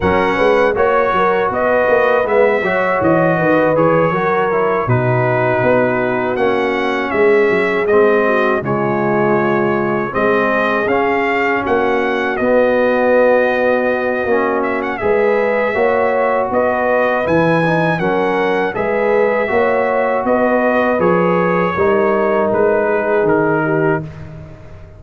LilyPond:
<<
  \new Staff \with { instrumentName = "trumpet" } { \time 4/4 \tempo 4 = 80 fis''4 cis''4 dis''4 e''4 | dis''4 cis''4. b'4.~ | b'8 fis''4 e''4 dis''4 cis''8~ | cis''4. dis''4 f''4 fis''8~ |
fis''8 dis''2. e''16 fis''16 | e''2 dis''4 gis''4 | fis''4 e''2 dis''4 | cis''2 b'4 ais'4 | }
  \new Staff \with { instrumentName = "horn" } { \time 4/4 ais'8 b'8 cis''8 ais'8 b'4. cis''8~ | cis''8 b'4 ais'4 fis'4.~ | fis'4. gis'4. fis'8 f'8~ | f'4. gis'2 fis'8~ |
fis'1 | b'4 cis''4 b'2 | ais'4 b'4 cis''4 b'4~ | b'4 ais'4. gis'4 g'8 | }
  \new Staff \with { instrumentName = "trombone" } { \time 4/4 cis'4 fis'2 b8 fis'8~ | fis'4 gis'8 fis'8 e'8 dis'4.~ | dis'8 cis'2 c'4 gis8~ | gis4. c'4 cis'4.~ |
cis'8 b2~ b8 cis'4 | gis'4 fis'2 e'8 dis'8 | cis'4 gis'4 fis'2 | gis'4 dis'2. | }
  \new Staff \with { instrumentName = "tuba" } { \time 4/4 fis8 gis8 ais8 fis8 b8 ais8 gis8 fis8 | e8 dis8 e8 fis4 b,4 b8~ | b8 ais4 gis8 fis8 gis4 cis8~ | cis4. gis4 cis'4 ais8~ |
ais8 b2~ b8 ais4 | gis4 ais4 b4 e4 | fis4 gis4 ais4 b4 | f4 g4 gis4 dis4 | }
>>